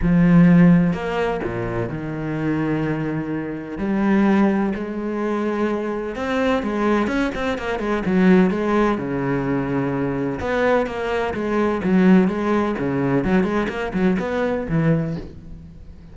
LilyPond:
\new Staff \with { instrumentName = "cello" } { \time 4/4 \tempo 4 = 127 f2 ais4 ais,4 | dis1 | g2 gis2~ | gis4 c'4 gis4 cis'8 c'8 |
ais8 gis8 fis4 gis4 cis4~ | cis2 b4 ais4 | gis4 fis4 gis4 cis4 | fis8 gis8 ais8 fis8 b4 e4 | }